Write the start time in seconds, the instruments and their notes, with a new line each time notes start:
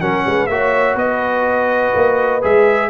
0.00 tuba F#3, trombone C#4, horn A#4, trumpet F#5
0.26 tuba G#3, horn B4
0.46 tuba A#3, trombone F#4, horn C#5, trumpet E5
0.95 tuba B3, horn B4, trumpet D#5
1.95 tuba A#3
2.42 tuba G#3, trombone G#4, trumpet E5